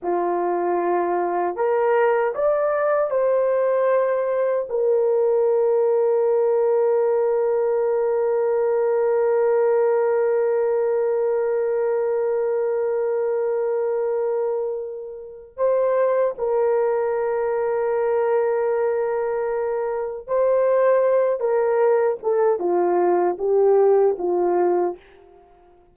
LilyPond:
\new Staff \with { instrumentName = "horn" } { \time 4/4 \tempo 4 = 77 f'2 ais'4 d''4 | c''2 ais'2~ | ais'1~ | ais'1~ |
ais'1 | c''4 ais'2.~ | ais'2 c''4. ais'8~ | ais'8 a'8 f'4 g'4 f'4 | }